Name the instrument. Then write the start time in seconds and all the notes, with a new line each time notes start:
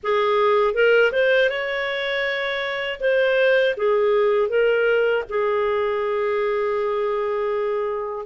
clarinet
0.03 G#4
0.74 A#4
1.11 C5
1.49 C#5
3.00 C5
3.77 G#4
4.48 A#4
5.29 G#4